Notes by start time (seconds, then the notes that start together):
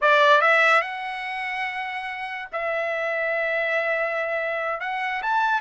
0.01 D5
0.41 E5
0.81 F#5
2.52 E5
4.80 F#5
5.22 A5